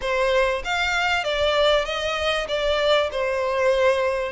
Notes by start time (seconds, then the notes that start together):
0.01 C5
0.64 F5
1.23 D5
1.85 D#5
2.48 D5
3.11 C5